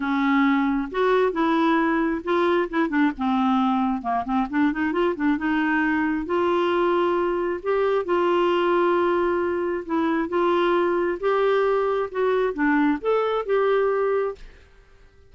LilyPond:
\new Staff \with { instrumentName = "clarinet" } { \time 4/4 \tempo 4 = 134 cis'2 fis'4 e'4~ | e'4 f'4 e'8 d'8 c'4~ | c'4 ais8 c'8 d'8 dis'8 f'8 d'8 | dis'2 f'2~ |
f'4 g'4 f'2~ | f'2 e'4 f'4~ | f'4 g'2 fis'4 | d'4 a'4 g'2 | }